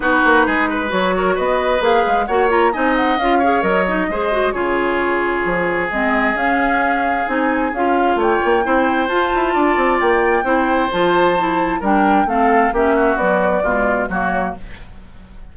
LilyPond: <<
  \new Staff \with { instrumentName = "flute" } { \time 4/4 \tempo 4 = 132 b'2 cis''4 dis''4 | f''4 fis''8 ais''8 gis''8 fis''8 f''4 | dis''2 cis''2~ | cis''4 dis''4 f''2 |
gis''4 f''4 g''2 | a''2 g''2 | a''2 g''4 f''4 | e''4 d''2 cis''4 | }
  \new Staff \with { instrumentName = "oboe" } { \time 4/4 fis'4 gis'8 b'4 ais'8 b'4~ | b'4 cis''4 dis''4. cis''8~ | cis''4 c''4 gis'2~ | gis'1~ |
gis'2 cis''4 c''4~ | c''4 d''2 c''4~ | c''2 ais'4 a'4 | g'8 fis'4. f'4 fis'4 | }
  \new Staff \with { instrumentName = "clarinet" } { \time 4/4 dis'2 fis'2 | gis'4 fis'8 f'8 dis'4 f'8 gis'8 | ais'8 dis'8 gis'8 fis'8 f'2~ | f'4 c'4 cis'2 |
dis'4 f'2 e'4 | f'2. e'4 | f'4 e'4 d'4 c'4 | cis'4 fis4 gis4 ais4 | }
  \new Staff \with { instrumentName = "bassoon" } { \time 4/4 b8 ais8 gis4 fis4 b4 | ais8 gis8 ais4 c'4 cis'4 | fis4 gis4 cis2 | f4 gis4 cis'2 |
c'4 cis'4 a8 ais8 c'4 | f'8 e'8 d'8 c'8 ais4 c'4 | f2 g4 a4 | ais4 b4 b,4 fis4 | }
>>